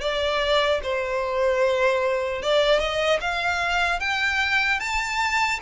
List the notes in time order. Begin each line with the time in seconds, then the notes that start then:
0.00 D5
0.83 C5
2.42 D5
2.79 D#5
3.20 F5
4.00 G5
4.79 A5